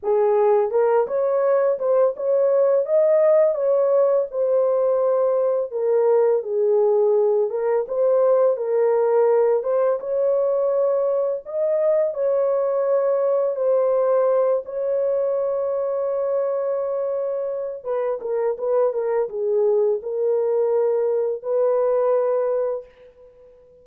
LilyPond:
\new Staff \with { instrumentName = "horn" } { \time 4/4 \tempo 4 = 84 gis'4 ais'8 cis''4 c''8 cis''4 | dis''4 cis''4 c''2 | ais'4 gis'4. ais'8 c''4 | ais'4. c''8 cis''2 |
dis''4 cis''2 c''4~ | c''8 cis''2.~ cis''8~ | cis''4 b'8 ais'8 b'8 ais'8 gis'4 | ais'2 b'2 | }